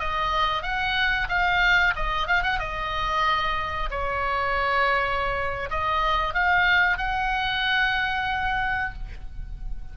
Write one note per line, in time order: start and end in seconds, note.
0.00 0.63 D#5
0.63 1.28 F#5
1.29 1.94 F5
1.96 2.27 D#5
2.27 2.43 F5
2.43 2.60 F#5
2.60 3.90 D#5
3.91 5.70 C#5
5.70 6.34 D#5
6.34 6.98 F5
6.98 8.94 F#5